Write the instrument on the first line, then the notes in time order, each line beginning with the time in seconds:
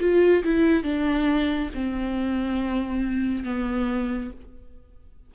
viola
0.00 F4
0.44 E4
0.83 D4
1.75 C4
3.44 B3